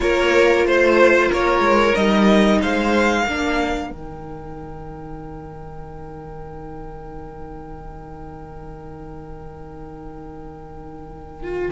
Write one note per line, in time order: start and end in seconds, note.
0.00 0.65 A#3
0.00 1.95 F4
0.00 0.67 A#4
0.00 0.66 C#5
0.65 1.30 A3
0.65 1.32 C5
0.65 1.29 C5
1.29 1.59 A#3
1.29 2.59 A#4
1.29 1.95 C#5
1.59 1.92 G#3
1.95 2.62 G3
1.95 3.26 D#4
1.95 2.60 D#5
2.62 3.26 G#3
2.62 3.23 C5
2.62 3.91 F5
3.23 3.90 A#3
3.23 3.93 D4
3.23 11.70 A#4
3.90 11.71 D#3
3.90 11.43 D#4
3.90 11.71 G5
11.43 11.71 F4